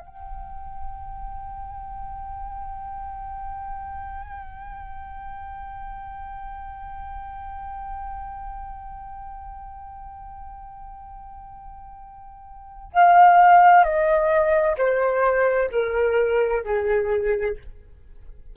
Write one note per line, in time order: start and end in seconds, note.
0.00 12.92 G5
12.93 13.84 F5
13.84 14.77 D#5
14.78 15.70 C5
15.72 16.64 A#4
16.64 17.57 G#4